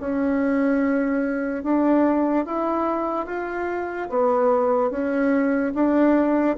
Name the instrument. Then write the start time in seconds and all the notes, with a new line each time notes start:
bassoon
0.00 C#4
1.63 D4
2.45 E4
3.26 F4
4.09 B3
4.90 C#4
5.75 D4